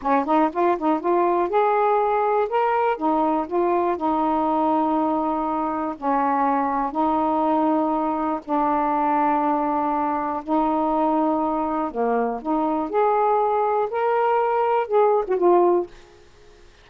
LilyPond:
\new Staff \with { instrumentName = "saxophone" } { \time 4/4 \tempo 4 = 121 cis'8 dis'8 f'8 dis'8 f'4 gis'4~ | gis'4 ais'4 dis'4 f'4 | dis'1 | cis'2 dis'2~ |
dis'4 d'2.~ | d'4 dis'2. | ais4 dis'4 gis'2 | ais'2 gis'8. fis'16 f'4 | }